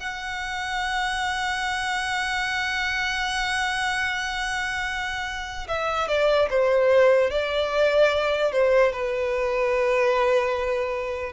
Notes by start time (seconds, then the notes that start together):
0.00 F#5
5.68 E5
6.08 D5
6.50 C5
7.30 D5
8.52 C5
8.92 B4